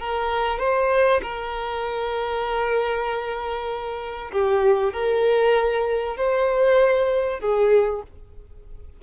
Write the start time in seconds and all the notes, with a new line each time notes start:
0.00 A#4
0.59 C5
1.22 A#4
4.32 G4
4.93 A#4
6.17 C5
7.40 G#4